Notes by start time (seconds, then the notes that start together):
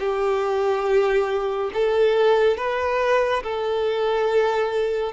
0.00 G4
1.74 A4
2.58 B4
3.44 A4